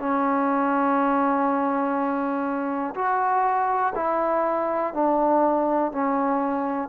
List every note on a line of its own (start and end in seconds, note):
0.00 2.95 C#4
2.95 3.93 F#4
3.96 4.94 E4
4.94 5.92 D4
5.92 6.89 C#4